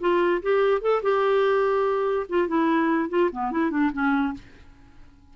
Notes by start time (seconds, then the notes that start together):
0.00 F4
0.42 G4
0.81 A4
1.02 G4
2.29 F4
2.48 E4
3.09 F4
3.32 B3
3.51 E4
3.70 D4
3.92 C#4